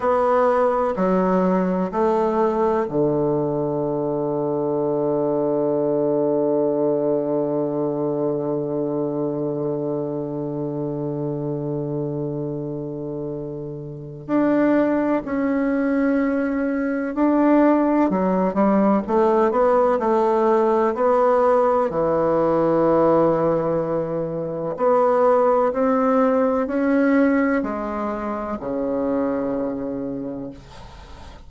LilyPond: \new Staff \with { instrumentName = "bassoon" } { \time 4/4 \tempo 4 = 63 b4 fis4 a4 d4~ | d1~ | d1~ | d2. d'4 |
cis'2 d'4 fis8 g8 | a8 b8 a4 b4 e4~ | e2 b4 c'4 | cis'4 gis4 cis2 | }